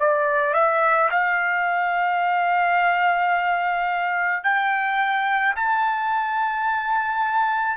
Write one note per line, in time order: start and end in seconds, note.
0.00 0.54 D5
0.54 1.10 E5
1.11 4.44 F5
4.44 5.55 G5
5.56 7.77 A5